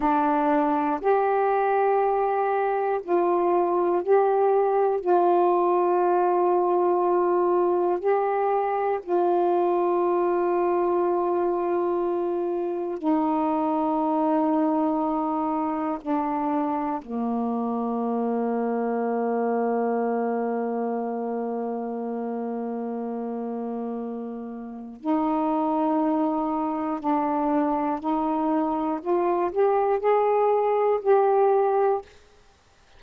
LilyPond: \new Staff \with { instrumentName = "saxophone" } { \time 4/4 \tempo 4 = 60 d'4 g'2 f'4 | g'4 f'2. | g'4 f'2.~ | f'4 dis'2. |
d'4 ais2.~ | ais1~ | ais4 dis'2 d'4 | dis'4 f'8 g'8 gis'4 g'4 | }